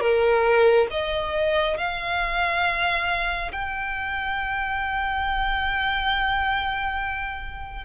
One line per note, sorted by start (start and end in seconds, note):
0.00 0.87 A#4
0.91 1.77 D#5
1.77 3.51 F5
3.52 7.85 G5